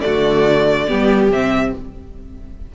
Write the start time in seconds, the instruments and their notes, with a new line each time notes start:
0.00 cello D3, viola A3, violin F#4 D5
0.87 cello G3, viola B3, violin G4
1.30 cello C3, viola C4, violin E5